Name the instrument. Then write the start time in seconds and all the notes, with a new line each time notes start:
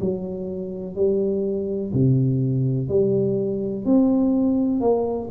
tuba
0.00 F#3
0.95 G3
1.93 C3
2.88 G3
3.84 C4
4.80 A#3